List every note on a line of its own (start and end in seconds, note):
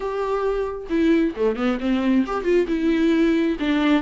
0.00 0.87 G4
0.89 1.34 E4
1.36 1.55 A3
1.55 1.78 B3
1.80 2.24 C4
2.26 2.44 G4
2.44 2.66 F4
2.67 3.57 E4
3.59 4.02 D4